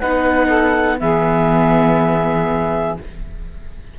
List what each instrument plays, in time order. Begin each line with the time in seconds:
0.00 cello B3, viola D#4, saxophone B4, clarinet F#5
0.47 saxophone A4
0.99 cello E3, viola B3, saxophone G#4, clarinet E5